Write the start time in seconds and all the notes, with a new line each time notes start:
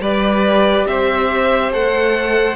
0.00 G3 G4 B4 D5
0.86 C4 C5 E5
1.72 A3 A4 F#5